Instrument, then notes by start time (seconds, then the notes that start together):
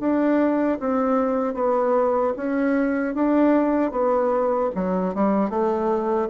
bassoon
0.00 D4
0.80 C4
1.55 B3
2.37 C#4
3.15 D4
3.92 B3
4.75 F#3
5.15 G3
5.50 A3